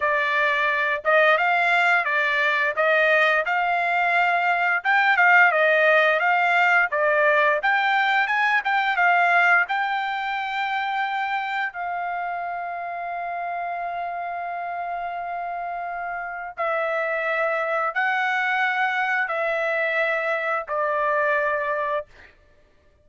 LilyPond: \new Staff \with { instrumentName = "trumpet" } { \time 4/4 \tempo 4 = 87 d''4. dis''8 f''4 d''4 | dis''4 f''2 g''8 f''8 | dis''4 f''4 d''4 g''4 | gis''8 g''8 f''4 g''2~ |
g''4 f''2.~ | f''1 | e''2 fis''2 | e''2 d''2 | }